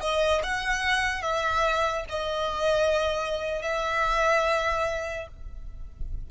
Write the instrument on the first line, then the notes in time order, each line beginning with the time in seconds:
violin
0.00 D#5
0.43 F#5
1.22 E5
2.09 D#5
3.62 E5